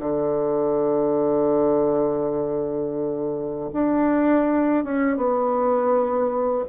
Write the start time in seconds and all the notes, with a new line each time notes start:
0.00 D3
3.73 D4
4.85 C#4
5.17 B3